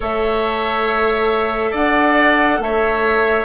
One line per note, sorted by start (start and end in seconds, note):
0.00 1.73 A3
0.00 3.45 A4
0.00 1.71 C#5
0.00 1.75 E5
1.71 2.59 D4
1.71 2.58 D5
1.71 2.62 F#5
2.59 3.45 A3
2.59 3.45 C#5
2.59 3.45 E5